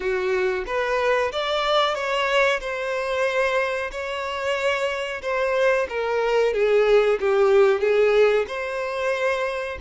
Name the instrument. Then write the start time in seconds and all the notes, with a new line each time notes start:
violin
0.00 F#4
0.66 B4
1.32 D5
1.94 C#5
2.60 C5
3.91 C#5
5.22 C5
5.89 A#4
6.53 G#4
7.19 G4
7.80 G#4
8.47 C5